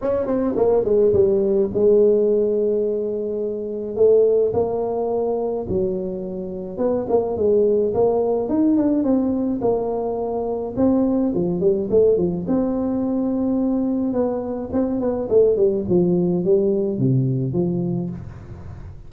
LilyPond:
\new Staff \with { instrumentName = "tuba" } { \time 4/4 \tempo 4 = 106 cis'8 c'8 ais8 gis8 g4 gis4~ | gis2. a4 | ais2 fis2 | b8 ais8 gis4 ais4 dis'8 d'8 |
c'4 ais2 c'4 | f8 g8 a8 f8 c'2~ | c'4 b4 c'8 b8 a8 g8 | f4 g4 c4 f4 | }